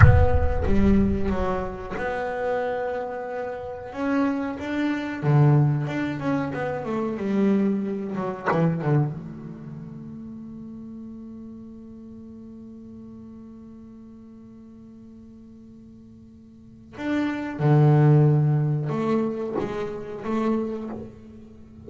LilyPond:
\new Staff \with { instrumentName = "double bass" } { \time 4/4 \tempo 4 = 92 b4 g4 fis4 b4~ | b2 cis'4 d'4 | d4 d'8 cis'8 b8 a8 g4~ | g8 fis8 e8 d8 a2~ |
a1~ | a1~ | a2 d'4 d4~ | d4 a4 gis4 a4 | }